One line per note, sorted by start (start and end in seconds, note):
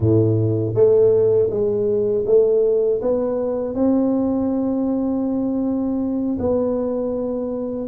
0.00 0.74 A2
0.74 1.49 A3
1.50 2.25 G#3
2.25 3.00 A3
3.01 3.75 B3
3.75 6.37 C4
6.39 7.88 B3